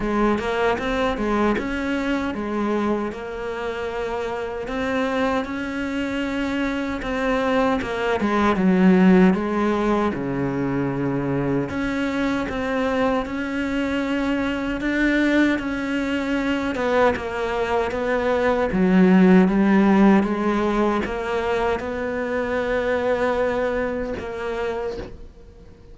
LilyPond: \new Staff \with { instrumentName = "cello" } { \time 4/4 \tempo 4 = 77 gis8 ais8 c'8 gis8 cis'4 gis4 | ais2 c'4 cis'4~ | cis'4 c'4 ais8 gis8 fis4 | gis4 cis2 cis'4 |
c'4 cis'2 d'4 | cis'4. b8 ais4 b4 | fis4 g4 gis4 ais4 | b2. ais4 | }